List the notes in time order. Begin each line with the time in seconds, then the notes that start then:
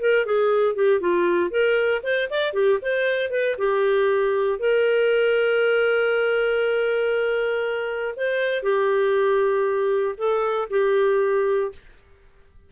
0.00 A#4
0.25 G#4
0.75 G4
1.00 F4
1.50 A#4
2.03 C5
2.30 D5
2.53 G4
2.82 C5
3.30 B4
3.58 G4
4.59 A#4
8.16 C5
8.62 G4
10.17 A4
10.70 G4